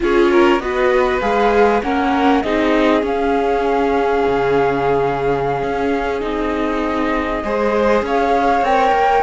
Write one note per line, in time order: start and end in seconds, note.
0.00 0.59 C#4
0.00 0.59 F4
0.00 0.31 G#4
0.00 0.59 C#5
0.31 0.61 A#4
0.59 1.20 B3
0.59 1.20 F#4
0.59 1.83 B4
0.59 1.20 D#5
1.20 1.82 G#3
1.20 1.81 G#4
1.20 1.81 F5
1.82 2.43 A#3
1.82 2.43 C#4
1.82 2.43 A#4
1.82 2.42 F#5
2.42 3.02 C4
2.42 3.01 D#4
2.42 7.43 G#4
2.42 3.03 D#5
3.01 6.20 C#4
3.01 4.23 C#4
3.01 6.21 F5
4.27 5.62 C#3
5.62 6.21 C#4
6.20 7.43 C4
6.20 7.41 D#4
6.20 8.02 D#5
7.43 8.02 G#3
7.43 8.65 G#4
7.43 8.05 C5
8.02 8.61 C#4
8.02 9.22 C#5
8.02 8.64 F5
8.61 8.91 C4
8.61 9.22 A#4
8.61 9.22 G5
8.92 9.22 A#3